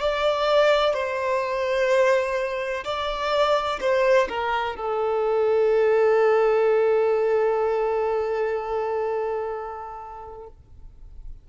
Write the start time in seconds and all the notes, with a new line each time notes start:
0.00 D5
0.93 C5
2.84 D5
3.80 C5
4.29 A#4
4.76 A4